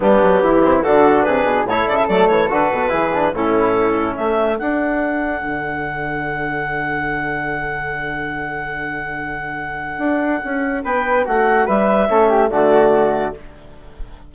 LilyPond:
<<
  \new Staff \with { instrumentName = "clarinet" } { \time 4/4 \tempo 4 = 144 g'2 a'4 b'4 | cis''8 d''16 e''16 d''8 cis''8 b'2 | a'2 e''4 fis''4~ | fis''1~ |
fis''1~ | fis''1~ | fis''2 g''4 fis''4 | e''2 d''2 | }
  \new Staff \with { instrumentName = "flute" } { \time 4/4 d'4 e'4 fis'4 gis'4 | a'2. gis'4 | e'2 a'2~ | a'1~ |
a'1~ | a'1~ | a'2 b'4 fis'4 | b'4 a'8 g'8 fis'2 | }
  \new Staff \with { instrumentName = "trombone" } { \time 4/4 b4. c'8 d'2 | e'4 a4 fis'4 e'8 d'8 | cis'2. d'4~ | d'1~ |
d'1~ | d'1~ | d'1~ | d'4 cis'4 a2 | }
  \new Staff \with { instrumentName = "bassoon" } { \time 4/4 g8 fis8 e4 d4 c8 b,8 | a,8 cis8 fis8 e8 d8 b,8 e4 | a,2 a4 d'4~ | d'4 d2.~ |
d1~ | d1 | d'4 cis'4 b4 a4 | g4 a4 d2 | }
>>